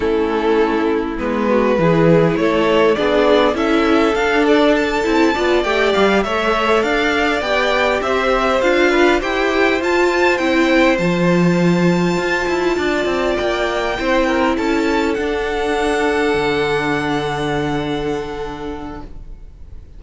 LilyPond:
<<
  \new Staff \with { instrumentName = "violin" } { \time 4/4 \tempo 4 = 101 a'2 b'2 | cis''4 d''4 e''4 f''8 d''8 | a''4. g''8 f''8 e''4 f''8~ | f''8 g''4 e''4 f''4 g''8~ |
g''8 a''4 g''4 a''4.~ | a''2~ a''8 g''4.~ | g''8 a''4 fis''2~ fis''8~ | fis''1 | }
  \new Staff \with { instrumentName = "violin" } { \time 4/4 e'2~ e'8 fis'8 gis'4 | a'4 gis'4 a'2~ | a'4 d''4. cis''4 d''8~ | d''4. c''4. b'8 c''8~ |
c''1~ | c''4. d''2 c''8 | ais'8 a'2.~ a'8~ | a'1 | }
  \new Staff \with { instrumentName = "viola" } { \time 4/4 cis'2 b4 e'4~ | e'4 d'4 e'4 d'4~ | d'8 e'8 f'8 g'4 a'4.~ | a'8 g'2 f'4 g'8~ |
g'8 f'4 e'4 f'4.~ | f'2.~ f'8 e'8~ | e'4. d'2~ d'8~ | d'1 | }
  \new Staff \with { instrumentName = "cello" } { \time 4/4 a2 gis4 e4 | a4 b4 cis'4 d'4~ | d'8 c'8 b8 a8 g8 a4 d'8~ | d'8 b4 c'4 d'4 e'8~ |
e'8 f'4 c'4 f4.~ | f8 f'8 e'8 d'8 c'8 ais4 c'8~ | c'8 cis'4 d'2 d8~ | d1 | }
>>